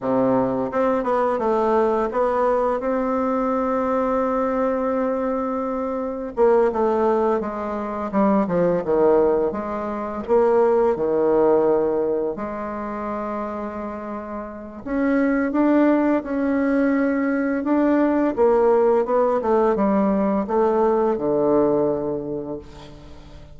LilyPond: \new Staff \with { instrumentName = "bassoon" } { \time 4/4 \tempo 4 = 85 c4 c'8 b8 a4 b4 | c'1~ | c'4 ais8 a4 gis4 g8 | f8 dis4 gis4 ais4 dis8~ |
dis4. gis2~ gis8~ | gis4 cis'4 d'4 cis'4~ | cis'4 d'4 ais4 b8 a8 | g4 a4 d2 | }